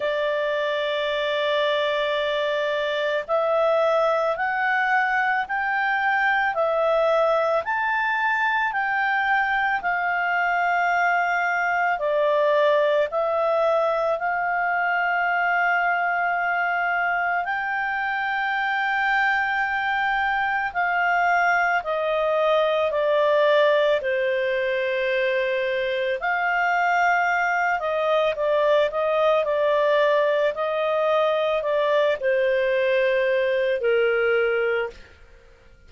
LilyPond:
\new Staff \with { instrumentName = "clarinet" } { \time 4/4 \tempo 4 = 55 d''2. e''4 | fis''4 g''4 e''4 a''4 | g''4 f''2 d''4 | e''4 f''2. |
g''2. f''4 | dis''4 d''4 c''2 | f''4. dis''8 d''8 dis''8 d''4 | dis''4 d''8 c''4. ais'4 | }